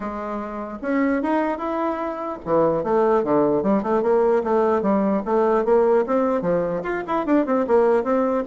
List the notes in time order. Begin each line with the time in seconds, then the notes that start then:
0.00 G#3
0.82 C#4
1.22 D#4
1.57 E4
2.45 E3
2.83 A3
3.23 D3
3.62 G3
3.82 A3
4.02 A#3
4.43 A3
4.82 G3
5.25 A3
5.64 A#3
6.06 C4
6.41 F3
6.83 F4
7.07 E4
7.26 D4
7.46 C4
7.67 A#3
8.03 C4